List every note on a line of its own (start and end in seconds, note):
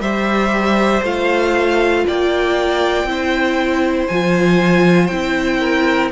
0.00 1.02 G3
0.00 1.05 G4
0.00 2.05 C5
0.00 1.03 E5
1.03 2.05 A3
1.03 3.08 F4
1.03 2.07 F5
2.07 3.04 A#3
2.07 3.09 D5
2.07 4.08 G5
3.04 4.06 C4
3.04 4.10 E4
3.11 5.60 C5
4.08 5.11 F3
4.08 5.11 F4
4.08 5.07 G#5
5.07 6.12 C4
5.07 6.12 E4
5.07 6.09 G5
5.60 6.11 A#4